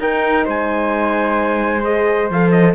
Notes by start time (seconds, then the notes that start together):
0.00 D#4 A#4 G5
0.46 G#3 C5 G#5
1.84 G#4 D#5
2.31 F3 A4 F5
2.52 D#5